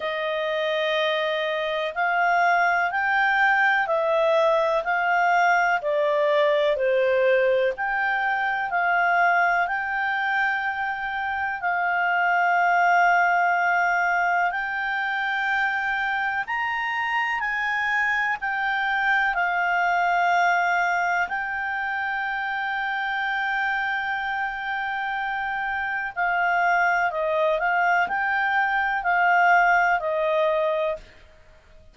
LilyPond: \new Staff \with { instrumentName = "clarinet" } { \time 4/4 \tempo 4 = 62 dis''2 f''4 g''4 | e''4 f''4 d''4 c''4 | g''4 f''4 g''2 | f''2. g''4~ |
g''4 ais''4 gis''4 g''4 | f''2 g''2~ | g''2. f''4 | dis''8 f''8 g''4 f''4 dis''4 | }